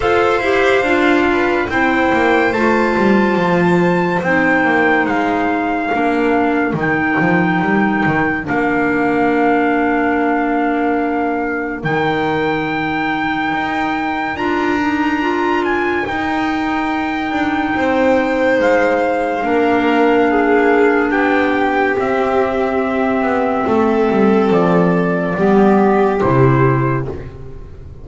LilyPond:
<<
  \new Staff \with { instrumentName = "trumpet" } { \time 4/4 \tempo 4 = 71 f''2 g''4 a''4~ | a''4 g''4 f''2 | g''2 f''2~ | f''2 g''2~ |
g''4 ais''4. gis''8 g''4~ | g''2 f''2~ | f''4 g''4 e''2~ | e''4 d''2 c''4 | }
  \new Staff \with { instrumentName = "violin" } { \time 4/4 c''4. b'8 c''2~ | c''2. ais'4~ | ais'1~ | ais'1~ |
ais'1~ | ais'4 c''2 ais'4 | gis'4 g'2. | a'2 g'2 | }
  \new Staff \with { instrumentName = "clarinet" } { \time 4/4 a'8 g'8 f'4 e'4 f'4~ | f'4 dis'2 d'4 | dis'2 d'2~ | d'2 dis'2~ |
dis'4 f'8 dis'8 f'4 dis'4~ | dis'2. d'4~ | d'2 c'2~ | c'2 b4 e'4 | }
  \new Staff \with { instrumentName = "double bass" } { \time 4/4 f'8 e'8 d'4 c'8 ais8 a8 g8 | f4 c'8 ais8 gis4 ais4 | dis8 f8 g8 dis8 ais2~ | ais2 dis2 |
dis'4 d'2 dis'4~ | dis'8 d'8 c'4 gis4 ais4~ | ais4 b4 c'4. b8 | a8 g8 f4 g4 c4 | }
>>